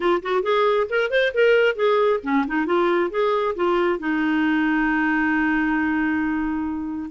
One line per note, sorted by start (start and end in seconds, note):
0.00 0.21 F4
0.22 0.42 F#4
0.42 0.87 G#4
0.89 1.10 A#4
1.10 1.32 C5
1.34 1.75 A#4
1.75 2.20 G#4
2.23 2.45 C#4
2.47 2.66 D#4
2.66 3.10 F4
3.10 3.54 G#4
3.55 3.99 F4
3.99 7.10 D#4